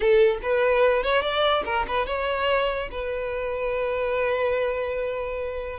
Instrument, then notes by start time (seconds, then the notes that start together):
violin
0.00 A4
0.42 B4
1.03 C#5
1.22 D5
1.65 A#4
1.87 B4
2.06 C#5
2.91 B4